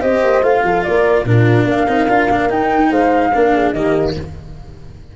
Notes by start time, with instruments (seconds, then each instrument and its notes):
0.00 tuba C4, cello G4, horn C5, flute D#5
0.23 tuba A#3
0.42 tuba A3, cello F4, flute F5
0.64 tuba F3, horn A4
0.83 tuba A#3, horn A#4, flute D5
1.24 tuba A#2, cello D4, horn F4, flute A#4
1.64 tuba A#3, horn A#4, flute F5
1.87 tuba C4, cello D#4
2.09 tuba D4, cello F4
2.30 tuba A#3, cello D4
2.49 tuba D#4, cello D#4, flute G5
2.90 tuba G#3, horn C5, flute F5
3.34 tuba A#3, cello D4, horn A#4
3.54 horn G#4
3.71 tuba D#3, cello A#3, horn G4, flute D#5